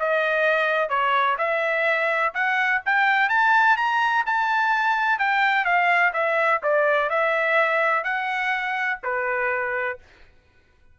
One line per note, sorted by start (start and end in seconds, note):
0.00 0.90 D#5
0.90 1.37 C#5
1.39 2.34 E5
2.34 2.82 F#5
2.86 3.30 G5
3.30 3.77 A5
3.77 4.25 A#5
4.26 5.19 A5
5.19 5.65 G5
5.65 6.13 F5
6.13 6.61 E5
6.63 7.10 D5
7.10 8.04 E5
8.04 9.00 F#5
9.04 9.99 B4